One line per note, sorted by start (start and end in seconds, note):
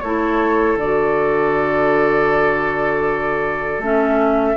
0.00 0.75 A3
0.00 0.79 E4
0.00 4.56 A4
0.00 0.76 C#5
0.75 3.78 D3
0.75 3.83 F#4
0.75 3.83 D5
3.78 4.54 A3
3.78 4.56 C#4
3.78 4.56 E5